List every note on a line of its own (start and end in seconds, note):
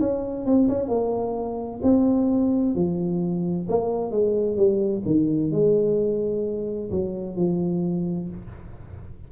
0.00 0.45 C#4
0.45 0.68 C4
0.69 0.89 C#4
0.89 1.81 A#3
1.83 2.75 C4
2.75 3.68 F3
3.69 4.12 A#3
4.12 4.57 G#3
4.57 5.03 G3
5.06 5.52 D#3
5.52 6.90 G#3
6.91 7.36 F#3
7.36 8.29 F3